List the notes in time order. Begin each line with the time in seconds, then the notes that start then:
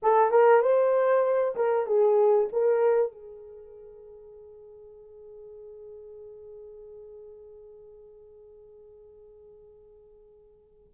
0.02 A4
0.30 A#4
0.61 C5
1.55 A#4
1.86 G#4
2.52 A#4
3.12 G#4